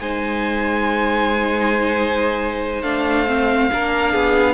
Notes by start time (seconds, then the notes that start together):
0.00 G#3 D#4 C5 G#5
2.82 A3 D4 F5
3.27 C4
3.71 A#3 D4 A#4
4.12 B3 G#4